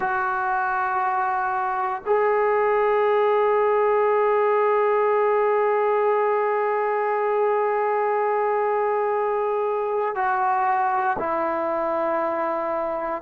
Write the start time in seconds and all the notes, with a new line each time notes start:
0.00 F#4
2.05 G#4
10.15 F#4
11.18 E4